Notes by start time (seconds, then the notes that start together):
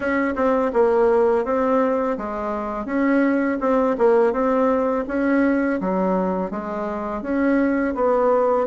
0.00 C#4
0.35 C4
0.73 A#3
1.45 C4
2.17 G#3
2.85 C#4
3.60 C4
3.98 A#3
4.32 C4
5.07 C#4
5.80 F#3
6.50 G#3
7.22 C#4
7.95 B3